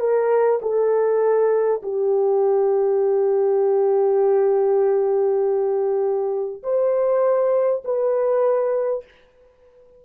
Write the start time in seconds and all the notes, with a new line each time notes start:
0.00 A#4
0.62 A4
1.83 G4
6.63 C5
7.85 B4